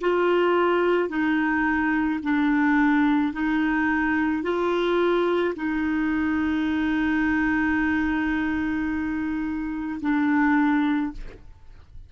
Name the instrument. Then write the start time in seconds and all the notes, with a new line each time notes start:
clarinet
0.00 F4
1.09 D#4
2.23 D4
3.33 D#4
4.43 F4
5.56 D#4
10.01 D4